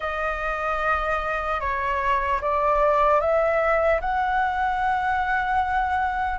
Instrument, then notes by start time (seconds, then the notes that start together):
flute
0.00 D#5
1.60 C#5
2.41 D5
3.20 E5
4.00 F#5